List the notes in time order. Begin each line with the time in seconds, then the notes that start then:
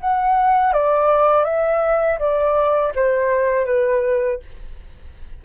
0.00 F#5
0.73 D5
1.44 E5
2.19 D5
2.95 C5
3.65 B4